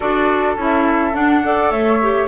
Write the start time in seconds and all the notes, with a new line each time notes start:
0.00 D4 F#4 A4 D5
0.57 C#4 E4 E5
1.13 D4 F#5
1.43 A4 D5
1.70 A3 C#5 E5
2.01 G4